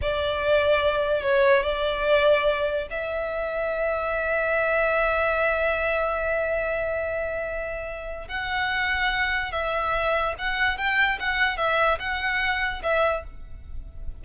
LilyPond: \new Staff \with { instrumentName = "violin" } { \time 4/4 \tempo 4 = 145 d''2. cis''4 | d''2. e''4~ | e''1~ | e''1~ |
e''1 | fis''2. e''4~ | e''4 fis''4 g''4 fis''4 | e''4 fis''2 e''4 | }